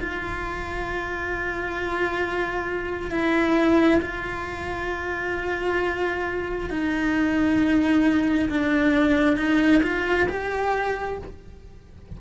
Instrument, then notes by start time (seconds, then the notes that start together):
cello
0.00 F4
3.11 E4
4.01 F4
6.70 D#4
8.49 D4
9.37 D#4
9.83 F4
10.29 G4